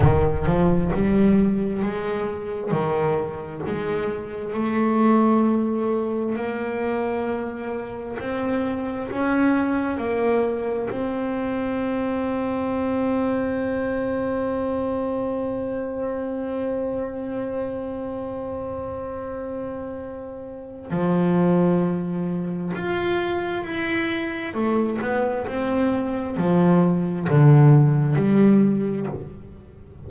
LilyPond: \new Staff \with { instrumentName = "double bass" } { \time 4/4 \tempo 4 = 66 dis8 f8 g4 gis4 dis4 | gis4 a2 ais4~ | ais4 c'4 cis'4 ais4 | c'1~ |
c'1~ | c'2. f4~ | f4 f'4 e'4 a8 b8 | c'4 f4 d4 g4 | }